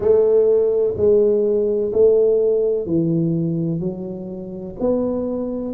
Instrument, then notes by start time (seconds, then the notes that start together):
tuba
0.00 A3
0.97 G#3
1.93 A3
2.86 E3
3.80 F#3
4.80 B3